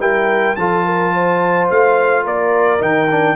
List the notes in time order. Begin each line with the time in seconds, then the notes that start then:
0.00 G3 E4 A#4 G5
0.56 F3 F4 A4 A5
0.86 A#4
1.14 C5
1.71 A3 F5
2.24 A#3 A#4 D5
2.79 D#3 D#4 G5
3.11 D4